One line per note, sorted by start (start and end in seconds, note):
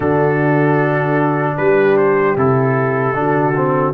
0.00 1.56 D3
0.00 2.36 D4
0.00 1.56 F#4
0.00 1.57 A4
1.57 2.36 G3
1.57 3.18 G4
1.57 1.96 B4
1.97 2.36 C5
2.36 3.13 C3
2.36 3.14 E4
2.36 3.93 A4
3.13 3.92 D3
3.13 3.53 D4
3.13 3.93 F#4
3.56 3.93 C4